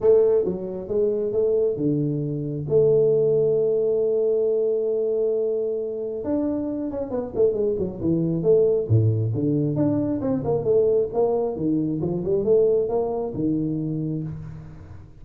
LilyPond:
\new Staff \with { instrumentName = "tuba" } { \time 4/4 \tempo 4 = 135 a4 fis4 gis4 a4 | d2 a2~ | a1~ | a2 d'4. cis'8 |
b8 a8 gis8 fis8 e4 a4 | a,4 d4 d'4 c'8 ais8 | a4 ais4 dis4 f8 g8 | a4 ais4 dis2 | }